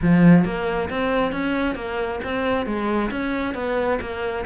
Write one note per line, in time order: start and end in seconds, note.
0.02 0.44 F3
0.44 0.89 A#3
0.89 1.32 C4
1.32 1.75 C#4
1.75 2.19 A#3
2.23 2.65 C4
2.65 3.10 G#3
3.11 3.54 C#4
3.54 3.99 B3
4.00 4.45 A#3